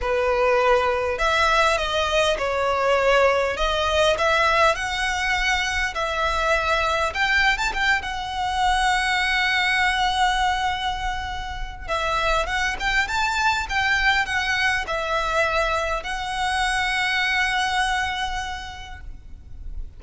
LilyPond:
\new Staff \with { instrumentName = "violin" } { \time 4/4 \tempo 4 = 101 b'2 e''4 dis''4 | cis''2 dis''4 e''4 | fis''2 e''2 | g''8. a''16 g''8 fis''2~ fis''8~ |
fis''1 | e''4 fis''8 g''8 a''4 g''4 | fis''4 e''2 fis''4~ | fis''1 | }